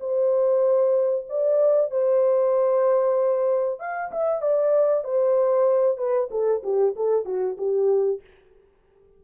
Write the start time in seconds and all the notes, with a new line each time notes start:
0.00 C5
1.29 D5
1.91 C5
3.80 F5
4.12 E5
4.42 D5
5.04 C5
5.98 B4
6.31 A4
6.63 G4
6.96 A4
7.25 F#4
7.58 G4